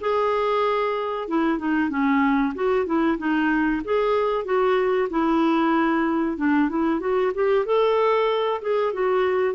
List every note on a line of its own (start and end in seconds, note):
0.00 1.28 G#4
1.28 1.58 E4
1.58 1.89 D#4
1.89 2.53 C#4
2.55 2.86 F#4
2.86 3.18 E4
3.18 3.82 D#4
3.84 4.44 G#4
4.44 5.08 F#4
5.10 6.37 E4
6.37 6.69 D4
6.69 7.00 E4
7.00 7.32 F#4
7.34 7.65 G4
7.65 8.61 A4
8.61 8.93 G#4
8.93 9.54 F#4